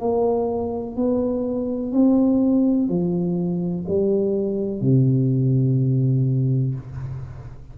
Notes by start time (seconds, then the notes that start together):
0.00 A#3
0.96 B3
1.92 C4
2.89 F3
3.88 G3
4.81 C3